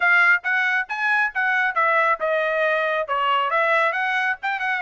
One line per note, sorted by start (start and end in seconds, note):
0.00 0.42 F5
0.43 0.87 F#5
0.88 1.32 G#5
1.34 1.74 F#5
1.74 2.18 E5
2.20 3.07 D#5
3.07 3.50 C#5
3.50 3.92 E5
3.92 4.36 F#5
4.42 4.59 G5
4.59 4.81 F#5